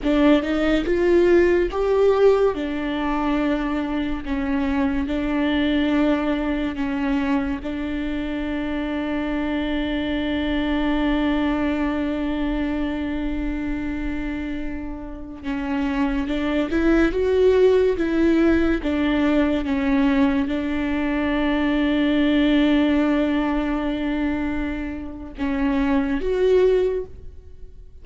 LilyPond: \new Staff \with { instrumentName = "viola" } { \time 4/4 \tempo 4 = 71 d'8 dis'8 f'4 g'4 d'4~ | d'4 cis'4 d'2 | cis'4 d'2.~ | d'1~ |
d'2~ d'16 cis'4 d'8 e'16~ | e'16 fis'4 e'4 d'4 cis'8.~ | cis'16 d'2.~ d'8.~ | d'2 cis'4 fis'4 | }